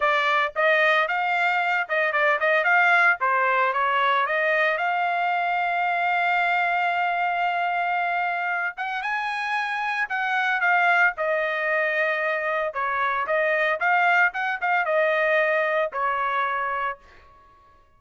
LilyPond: \new Staff \with { instrumentName = "trumpet" } { \time 4/4 \tempo 4 = 113 d''4 dis''4 f''4. dis''8 | d''8 dis''8 f''4 c''4 cis''4 | dis''4 f''2.~ | f''1~ |
f''8 fis''8 gis''2 fis''4 | f''4 dis''2. | cis''4 dis''4 f''4 fis''8 f''8 | dis''2 cis''2 | }